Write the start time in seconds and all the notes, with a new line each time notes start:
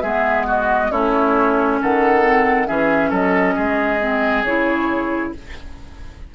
0.00 G#3 B3 G#4 E5
0.47 F#4 D#5
0.91 A3 C#4 E4 C#5
1.81 D#3 A4 F#5
2.22 C4
2.67 E3 C#4 G#4 E5
3.10 F#3 A4 D#5
3.55 G#3 G#4
4.01 C4
4.43 C#3 E4 C#5